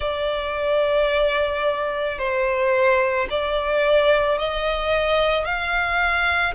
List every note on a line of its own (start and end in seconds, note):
0.00 2.18 D5
2.18 3.27 C5
3.30 4.38 D5
4.38 5.44 D#5
5.44 6.54 F5